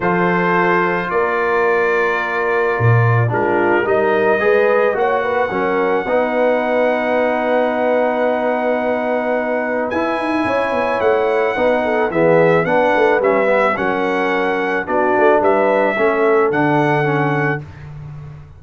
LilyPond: <<
  \new Staff \with { instrumentName = "trumpet" } { \time 4/4 \tempo 4 = 109 c''2 d''2~ | d''2 ais'4 dis''4~ | dis''4 fis''2.~ | fis''1~ |
fis''2 gis''2 | fis''2 e''4 fis''4 | e''4 fis''2 d''4 | e''2 fis''2 | }
  \new Staff \with { instrumentName = "horn" } { \time 4/4 a'2 ais'2~ | ais'2 f'4 ais'4 | b'4 cis''8 b'8 ais'4 b'4~ | b'1~ |
b'2. cis''4~ | cis''4 b'8 a'8 gis'4 b'4~ | b'4 ais'2 fis'4 | b'4 a'2. | }
  \new Staff \with { instrumentName = "trombone" } { \time 4/4 f'1~ | f'2 d'4 dis'4 | gis'4 fis'4 cis'4 dis'4~ | dis'1~ |
dis'2 e'2~ | e'4 dis'4 b4 d'4 | cis'8 b8 cis'2 d'4~ | d'4 cis'4 d'4 cis'4 | }
  \new Staff \with { instrumentName = "tuba" } { \time 4/4 f2 ais2~ | ais4 ais,4 gis4 g4 | gis4 ais4 fis4 b4~ | b1~ |
b2 e'8 dis'8 cis'8 b8 | a4 b4 e4 b8 a8 | g4 fis2 b8 a8 | g4 a4 d2 | }
>>